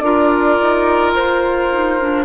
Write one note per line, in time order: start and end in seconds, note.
0.00 0.57 D4
0.00 1.70 F4
0.00 2.25 A#4
0.00 1.11 D5
0.62 1.16 D#4
1.15 2.25 F4
1.15 2.25 C5
1.72 2.00 D#4
2.00 2.25 D4